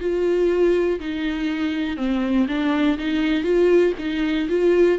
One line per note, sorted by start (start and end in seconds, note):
0.00 0.99 F4
1.00 1.97 D#4
1.97 2.47 C4
2.48 2.98 D4
2.98 3.43 D#4
3.43 3.93 F4
3.98 4.48 D#4
4.49 4.98 F4